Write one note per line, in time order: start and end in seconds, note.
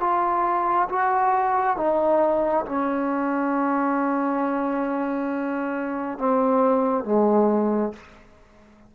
0.00 0.88 F4
0.89 1.77 F#4
1.77 2.65 D#4
2.66 6.18 C#4
6.18 7.05 C4
7.05 7.93 G#3